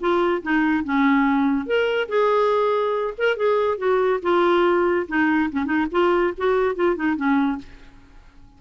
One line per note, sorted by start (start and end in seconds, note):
0.00 0.42 F4
0.42 0.84 D#4
0.84 1.66 C#4
1.66 2.08 A#4
2.09 3.14 G#4
3.18 3.36 A#4
3.36 3.78 G#4
3.78 4.20 F#4
4.22 5.07 F4
5.08 5.50 D#4
5.52 5.65 C#4
5.65 5.87 D#4
5.92 6.34 F4
6.37 6.75 F#4
6.75 6.96 F4
6.96 7.16 D#4
7.16 7.58 C#4